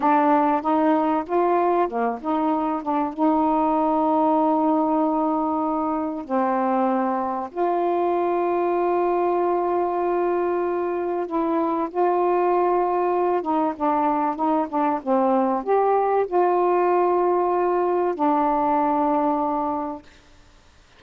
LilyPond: \new Staff \with { instrumentName = "saxophone" } { \time 4/4 \tempo 4 = 96 d'4 dis'4 f'4 ais8 dis'8~ | dis'8 d'8 dis'2.~ | dis'2 c'2 | f'1~ |
f'2 e'4 f'4~ | f'4. dis'8 d'4 dis'8 d'8 | c'4 g'4 f'2~ | f'4 d'2. | }